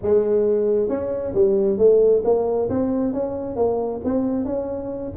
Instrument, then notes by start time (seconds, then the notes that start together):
tuba
0.02 G#3
0.88 C#4
1.34 G3
1.78 A3
2.24 A#3
2.69 C4
3.13 C#4
3.56 A#3
4.04 C4
4.45 C#4